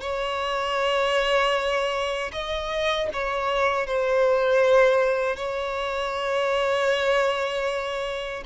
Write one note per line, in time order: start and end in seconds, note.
0.00 2.31 C#5
2.32 3.09 D#5
3.13 3.86 C#5
3.86 5.36 C5
5.36 8.43 C#5